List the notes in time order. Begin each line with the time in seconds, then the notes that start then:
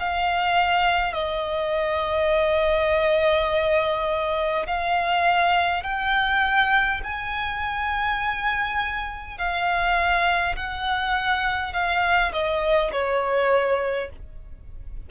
0.00 F5
1.14 D#5
4.67 F5
5.84 G5
7.04 G#5
9.39 F5
10.57 F#5
11.74 F5
12.33 D#5
12.93 C#5